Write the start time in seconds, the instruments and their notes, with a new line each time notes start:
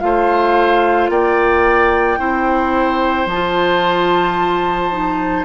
0.00 bassoon A3, clarinet F4, oboe C5, flute F5
1.09 bassoon A#3, oboe D5, flute G5
2.18 bassoon C4, clarinet E4, oboe C5
3.26 bassoon F3, flute A5
3.32 clarinet F4
4.92 clarinet D#4